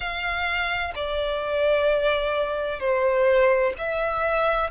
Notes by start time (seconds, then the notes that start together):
0.00 F5
0.95 D5
2.79 C5
3.78 E5